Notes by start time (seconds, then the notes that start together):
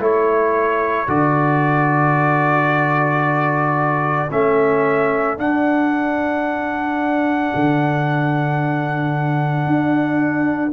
0.00 A3 E4 A4 C#5
1.08 D3 F#4 D5
4.31 A3 C#4 E5
5.38 D4 F#5
7.56 D3
9.67 D4